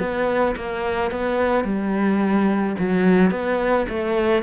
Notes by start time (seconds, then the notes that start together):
0.00 B3
0.56 A#3
1.11 B3
1.64 G3
2.79 F#3
3.31 B3
3.89 A3